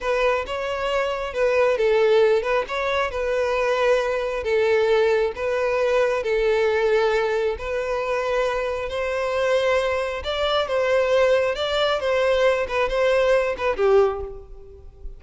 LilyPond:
\new Staff \with { instrumentName = "violin" } { \time 4/4 \tempo 4 = 135 b'4 cis''2 b'4 | a'4. b'8 cis''4 b'4~ | b'2 a'2 | b'2 a'2~ |
a'4 b'2. | c''2. d''4 | c''2 d''4 c''4~ | c''8 b'8 c''4. b'8 g'4 | }